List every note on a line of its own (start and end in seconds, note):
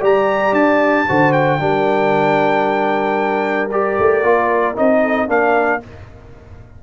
0.00 0.52 G3
0.00 1.05 G4
0.00 1.05 D5
0.00 0.54 A#5
0.52 1.05 D4
0.52 1.32 A5
1.07 1.60 D3
1.07 1.59 F#4
1.07 1.60 C5
1.32 3.69 G5
1.59 3.97 G3
1.59 3.69 D4
1.59 5.02 A#4
3.71 4.23 G4
3.71 4.76 D5
3.99 4.23 A3
4.23 4.76 A#3
4.23 4.74 F4
4.74 5.28 C4
4.74 5.27 D#4
4.74 5.29 D#5
5.02 5.28 A4
5.27 5.81 A#3
5.27 5.80 D4
5.27 5.82 A#4
5.27 5.83 F5